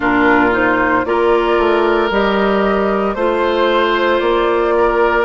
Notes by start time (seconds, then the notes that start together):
0.00 A#2 D4 F4 A#4
0.50 D#4 C5
1.05 A#3 F4 A#4 D5
1.58 A3
2.10 G3 G4 D#5
3.14 A3 F4 C5
4.19 A#3 D5
4.77 A#4